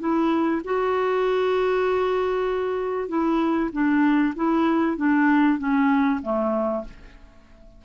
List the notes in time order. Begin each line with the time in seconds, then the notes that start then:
0.00 E4
0.65 F#4
3.09 E4
3.73 D4
4.36 E4
4.97 D4
5.59 C#4
6.23 A3